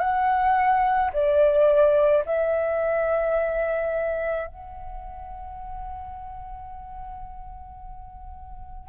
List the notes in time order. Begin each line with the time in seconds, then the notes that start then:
0.00 F#5
1.13 D5
2.25 E5
4.47 F#5